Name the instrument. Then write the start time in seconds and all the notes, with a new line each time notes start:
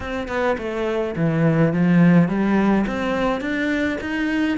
cello
0.00 C4
0.28 B3
0.58 A3
1.16 E3
1.73 F3
2.28 G3
2.86 C4
3.41 D4
4.00 D#4